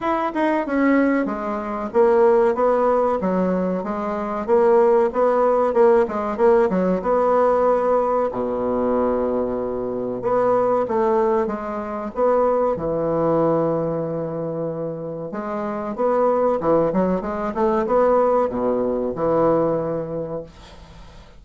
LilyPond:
\new Staff \with { instrumentName = "bassoon" } { \time 4/4 \tempo 4 = 94 e'8 dis'8 cis'4 gis4 ais4 | b4 fis4 gis4 ais4 | b4 ais8 gis8 ais8 fis8 b4~ | b4 b,2. |
b4 a4 gis4 b4 | e1 | gis4 b4 e8 fis8 gis8 a8 | b4 b,4 e2 | }